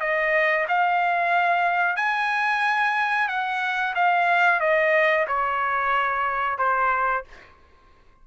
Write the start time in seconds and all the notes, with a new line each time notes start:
0.00 D#5
0.68 F5
1.96 G#5
3.28 F#5
3.95 F5
4.60 D#5
5.27 C#5
6.58 C5